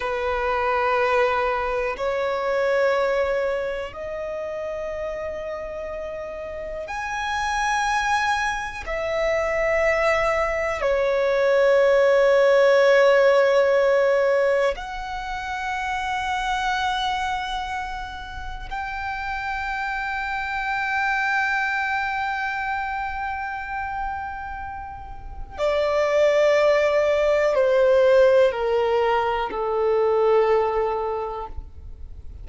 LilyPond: \new Staff \with { instrumentName = "violin" } { \time 4/4 \tempo 4 = 61 b'2 cis''2 | dis''2. gis''4~ | gis''4 e''2 cis''4~ | cis''2. fis''4~ |
fis''2. g''4~ | g''1~ | g''2 d''2 | c''4 ais'4 a'2 | }